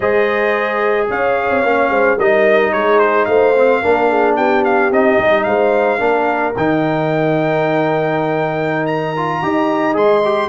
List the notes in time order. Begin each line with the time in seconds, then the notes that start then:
0.00 G#3 G#4 C5 D#5
1.09 C#4 C#5 F5
1.50 C4
1.63 A#3 C#4
1.89 G#3 C5
2.18 G3 D#4 A#4 D#5
2.72 G#3 G#4 C#5
2.99 C5
3.25 A3 C5 F5
3.55 C4
3.82 A#3 D4 A#4
4.09 G#4
4.36 B3 G4 G5
4.64 F5
4.90 C4 D#4 D#5
5.18 G3
5.43 G#3 C5 F5
5.98 A#3 D4 A#4
6.56 D#3 D#4 G5
8.86 A#5
9.16 F4
9.42 D#4 G4 D#5
9.93 G#3 G#4 C6
10.24 G4